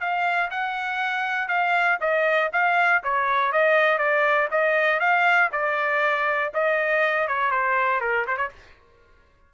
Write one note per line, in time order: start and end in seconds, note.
0.00 0.50 F5
0.50 1.48 F#5
1.48 1.98 F5
2.00 2.50 D#5
2.52 3.02 F5
3.03 3.52 C#5
3.52 3.98 D#5
3.98 4.48 D5
4.51 5.00 D#5
5.00 5.50 F5
5.52 6.52 D5
6.53 7.27 D#5
7.27 7.51 C#5
7.51 8.00 C5
8.00 8.25 A#4
8.27 8.37 C5
8.37 8.49 C#5